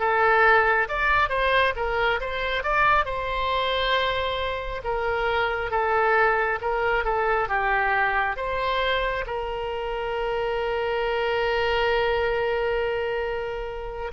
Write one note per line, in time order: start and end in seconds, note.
0.00 0.88 A4
0.89 1.30 D5
1.30 1.74 C5
1.76 2.20 A#4
2.21 2.64 C5
2.64 3.05 D5
3.05 4.82 C5
4.84 5.71 A#4
5.71 6.59 A4
6.62 7.05 A#4
7.05 7.49 A4
7.49 8.37 G4
8.37 9.25 C5
9.26 14.12 A#4